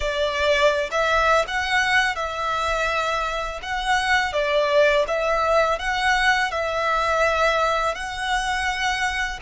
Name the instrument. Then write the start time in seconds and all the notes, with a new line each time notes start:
violin
0.00 D5
0.91 E5
1.47 F#5
2.15 E5
3.62 F#5
4.32 D5
5.07 E5
5.78 F#5
6.51 E5
7.95 F#5